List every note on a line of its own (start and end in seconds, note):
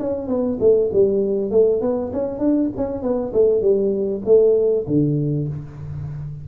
0.00 0.28 C#4
0.28 0.58 B3
0.60 0.90 A3
0.93 1.51 G3
1.51 1.81 A3
1.82 2.12 B3
2.13 2.39 C#4
2.39 2.69 D4
2.77 3.02 C#4
3.02 3.33 B3
3.33 3.61 A3
3.61 4.22 G3
4.25 4.86 A3
4.87 5.48 D3